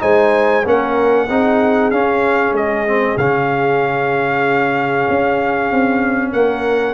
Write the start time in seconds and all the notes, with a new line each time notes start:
0.00 G#3 D#4 C5 G#5
0.65 A#3 C#4 A#4 F#5
1.27 C4 D#4 G#4
1.91 C#4 F5
2.52 G#3 D#5
2.87 C4
3.18 C#3 C#4 F5
5.09 C#4
5.72 C4
6.33 A#3 A#4 F#5